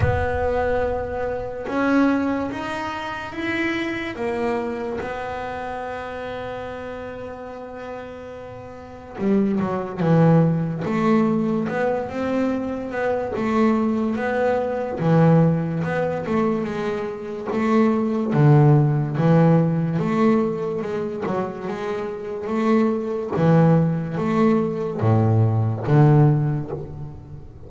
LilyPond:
\new Staff \with { instrumentName = "double bass" } { \time 4/4 \tempo 4 = 72 b2 cis'4 dis'4 | e'4 ais4 b2~ | b2. g8 fis8 | e4 a4 b8 c'4 b8 |
a4 b4 e4 b8 a8 | gis4 a4 d4 e4 | a4 gis8 fis8 gis4 a4 | e4 a4 a,4 d4 | }